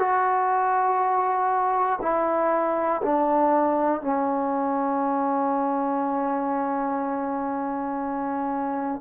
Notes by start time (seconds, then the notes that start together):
0.00 F#4
2.02 E4
3.03 D4
4.02 C#4